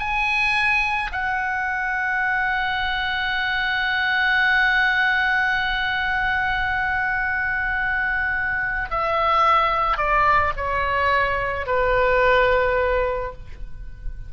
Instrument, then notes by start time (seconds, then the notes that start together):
oboe
0.00 G#5
1.12 F#5
8.90 E5
9.97 D5
10.57 C#5
11.67 B4